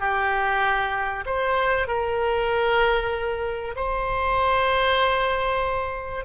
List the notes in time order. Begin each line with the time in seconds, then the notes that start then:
0.00 G4
1.26 C5
1.88 A#4
3.76 C5